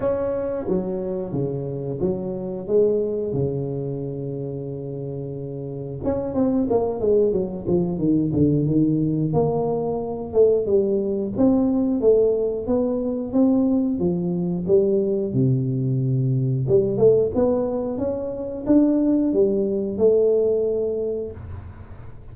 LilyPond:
\new Staff \with { instrumentName = "tuba" } { \time 4/4 \tempo 4 = 90 cis'4 fis4 cis4 fis4 | gis4 cis2.~ | cis4 cis'8 c'8 ais8 gis8 fis8 f8 | dis8 d8 dis4 ais4. a8 |
g4 c'4 a4 b4 | c'4 f4 g4 c4~ | c4 g8 a8 b4 cis'4 | d'4 g4 a2 | }